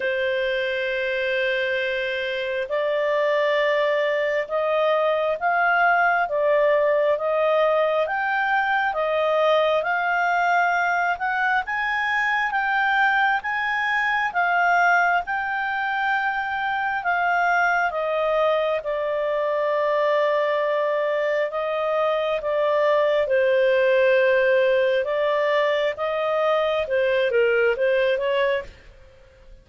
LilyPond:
\new Staff \with { instrumentName = "clarinet" } { \time 4/4 \tempo 4 = 67 c''2. d''4~ | d''4 dis''4 f''4 d''4 | dis''4 g''4 dis''4 f''4~ | f''8 fis''8 gis''4 g''4 gis''4 |
f''4 g''2 f''4 | dis''4 d''2. | dis''4 d''4 c''2 | d''4 dis''4 c''8 ais'8 c''8 cis''8 | }